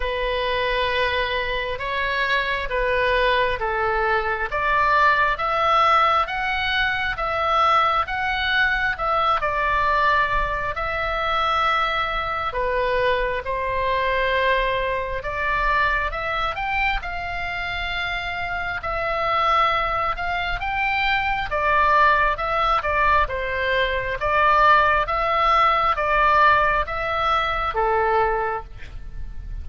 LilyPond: \new Staff \with { instrumentName = "oboe" } { \time 4/4 \tempo 4 = 67 b'2 cis''4 b'4 | a'4 d''4 e''4 fis''4 | e''4 fis''4 e''8 d''4. | e''2 b'4 c''4~ |
c''4 d''4 e''8 g''8 f''4~ | f''4 e''4. f''8 g''4 | d''4 e''8 d''8 c''4 d''4 | e''4 d''4 e''4 a'4 | }